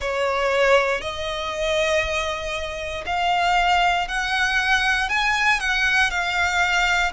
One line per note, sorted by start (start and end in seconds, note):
0.00 1.01 C#5
1.01 3.04 D#5
3.06 4.07 F5
4.07 5.08 F#5
5.08 5.59 G#5
5.59 6.10 F#5
6.10 7.12 F5